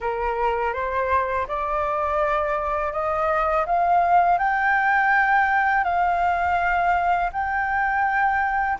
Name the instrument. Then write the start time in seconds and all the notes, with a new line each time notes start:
flute
0.00 A#4
0.73 C5
1.47 D5
2.92 D#5
3.66 F5
4.38 G5
5.84 F5
7.32 G5